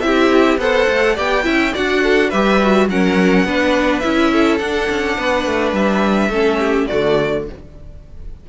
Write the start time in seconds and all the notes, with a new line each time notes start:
0.00 C4 E4 G4 E5
0.57 B3 A4 C5 F#5
0.89 A3
1.14 B3 G4 D5 G5
1.43 C#4 E4 E5
1.73 D4 F#4 D5 F#5
2.03 A4
2.29 G3 G4 B4 E5
2.62 F#4
2.87 F#3 C#4 A#4 F#5
3.44 B3 D4 B4
3.99 C#4 E4 E5
4.32 A4
4.58 D4 F#5
4.90 C#4
5.16 B3 B4
5.46 A3
5.72 G3 E5
6.28 A3 C#4 A4
6.59 G4
6.87 D3 A3 F#4 D5